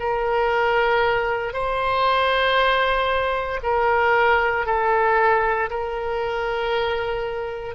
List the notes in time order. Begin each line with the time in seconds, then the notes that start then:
0.00 A#4
1.53 C5
3.63 A#4
4.66 A4
5.70 A#4